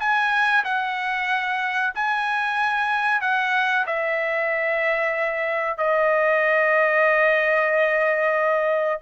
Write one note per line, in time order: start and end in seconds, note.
0.00 0.65 G#5
0.65 1.94 F#5
1.95 3.21 G#5
3.21 3.86 F#5
3.87 5.78 E5
5.78 9.01 D#5